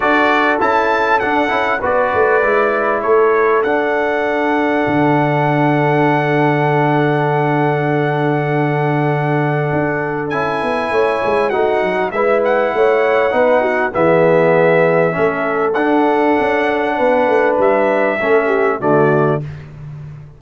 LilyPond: <<
  \new Staff \with { instrumentName = "trumpet" } { \time 4/4 \tempo 4 = 99 d''4 a''4 fis''4 d''4~ | d''4 cis''4 fis''2~ | fis''1~ | fis''1~ |
fis''4 gis''2 fis''4 | e''8 fis''2~ fis''8 e''4~ | e''2 fis''2~ | fis''4 e''2 d''4 | }
  \new Staff \with { instrumentName = "horn" } { \time 4/4 a'2. b'4~ | b'4 a'2.~ | a'1~ | a'1~ |
a'2 cis''4 fis'4 | b'4 cis''4 b'8 fis'8 gis'4~ | gis'4 a'2. | b'2 a'8 g'8 fis'4 | }
  \new Staff \with { instrumentName = "trombone" } { \time 4/4 fis'4 e'4 d'8 e'8 fis'4 | e'2 d'2~ | d'1~ | d'1~ |
d'4 e'2 dis'4 | e'2 dis'4 b4~ | b4 cis'4 d'2~ | d'2 cis'4 a4 | }
  \new Staff \with { instrumentName = "tuba" } { \time 4/4 d'4 cis'4 d'8 cis'8 b8 a8 | gis4 a4 d'2 | d1~ | d1 |
d'4 cis'8 b8 a8 gis8 a8 fis8 | gis4 a4 b4 e4~ | e4 a4 d'4 cis'4 | b8 a8 g4 a4 d4 | }
>>